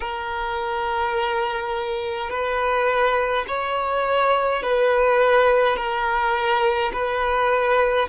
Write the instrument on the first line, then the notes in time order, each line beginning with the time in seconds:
violin
0.00 A#4
2.30 B4
3.47 C#5
4.63 B4
5.76 A#4
6.92 B4